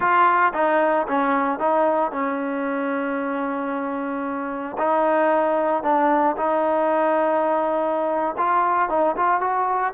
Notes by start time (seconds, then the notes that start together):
0.00 F4
0.53 D#4
1.07 C#4
1.59 D#4
2.11 C#4
4.77 D#4
5.83 D4
6.36 D#4
8.37 F4
8.89 D#4
9.16 F4
9.40 F#4